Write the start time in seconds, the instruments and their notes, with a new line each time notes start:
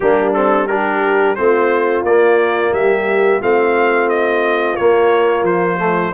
0.00 tuba G3, trombone A#3, horn D4, trumpet G4
0.33 trombone C4, trumpet A4
0.67 trombone D4, horn G4, trumpet A#4
1.35 tuba A3, trombone C4, horn F4, trumpet C5
2.02 tuba A#3, trombone A#3, trumpet D5
2.72 tuba G3, horn G4, trumpet E5
3.40 tuba A3, trombone C4, horn F4, trumpet F5
4.09 trumpet D#5
4.76 trombone A#3, tuba A#3, trumpet C#5
5.42 tuba F3, trumpet C5
5.78 trombone A3